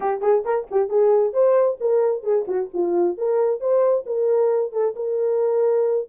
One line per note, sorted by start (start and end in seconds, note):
0.00 0.21 G4
0.21 0.43 G#4
0.44 0.67 A#4
0.71 0.89 G4
0.89 1.33 G#4
1.33 1.78 C5
1.80 2.23 A#4
2.23 2.45 G#4
2.47 2.70 F#4
2.73 3.17 F4
3.17 3.60 A#4
3.60 4.05 C5
4.06 4.72 A#4
4.72 4.94 A4
4.95 6.08 A#4